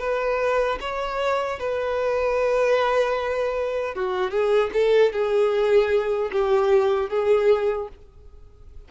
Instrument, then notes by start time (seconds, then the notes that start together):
violin
0.00 B4
0.81 C#5
1.60 B4
3.95 F#4
4.31 G#4
4.74 A4
5.13 G#4
6.32 G4
7.10 G#4